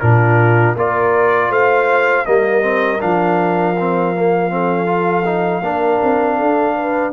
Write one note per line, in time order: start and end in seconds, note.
0.00 0.75 A#2
0.00 0.76 D4
0.00 0.77 F4
0.00 0.75 A#4
0.75 1.49 A#3
0.75 2.26 F4
0.75 1.50 A#4
0.75 1.52 D5
1.49 2.24 A3
1.49 2.25 C5
1.49 2.25 F5
2.25 3.02 G3
2.25 2.61 A#3
2.25 4.50 A#4
2.25 3.00 D#5
2.61 2.99 C4
3.00 5.61 F3
3.00 3.75 D4
3.00 7.12 F5
3.79 4.15 C4
4.15 4.50 A#3
4.50 4.86 C4
4.50 5.63 A4
4.86 5.24 F4
5.25 5.62 D#4
5.61 5.99 A#3
5.61 7.12 D4
5.61 6.37 A#4
6.03 6.39 C4
6.37 7.12 D4
6.37 6.75 A4
6.75 7.12 B4